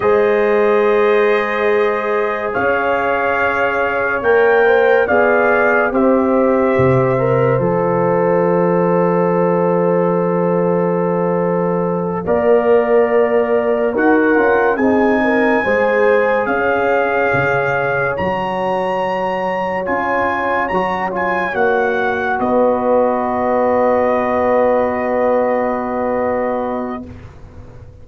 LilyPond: <<
  \new Staff \with { instrumentName = "trumpet" } { \time 4/4 \tempo 4 = 71 dis''2. f''4~ | f''4 g''4 f''4 e''4~ | e''4 f''2.~ | f''1~ |
f''8 fis''4 gis''2 f''8~ | f''4. ais''2 gis''8~ | gis''8 ais''8 gis''8 fis''4 dis''4.~ | dis''1 | }
  \new Staff \with { instrumentName = "horn" } { \time 4/4 c''2. cis''4~ | cis''4. c''8 d''4 c''4~ | c''1~ | c''2~ c''8 d''4.~ |
d''8 ais'4 gis'8 ais'8 c''4 cis''8~ | cis''1~ | cis''2~ cis''8 b'4.~ | b'1 | }
  \new Staff \with { instrumentName = "trombone" } { \time 4/4 gis'1~ | gis'4 ais'4 gis'4 g'4~ | g'8 ais'8 a'2.~ | a'2~ a'8 ais'4.~ |
ais'8 fis'8 f'8 dis'4 gis'4.~ | gis'4. fis'2 f'8~ | f'8 fis'8 f'8 fis'2~ fis'8~ | fis'1 | }
  \new Staff \with { instrumentName = "tuba" } { \time 4/4 gis2. cis'4~ | cis'4 ais4 b4 c'4 | c4 f2.~ | f2~ f8 ais4.~ |
ais8 dis'8 cis'8 c'4 gis4 cis'8~ | cis'8 cis4 fis2 cis'8~ | cis'8 fis4 ais4 b4.~ | b1 | }
>>